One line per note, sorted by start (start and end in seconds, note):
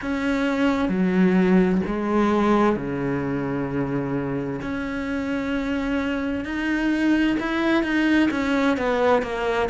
0.01 0.89 C#4
0.89 1.81 F#3
1.86 2.76 G#3
2.76 4.60 C#3
4.62 6.44 C#4
6.44 7.36 D#4
7.39 7.83 E4
7.83 8.29 D#4
8.31 8.77 C#4
8.77 9.22 B3
9.22 9.68 A#3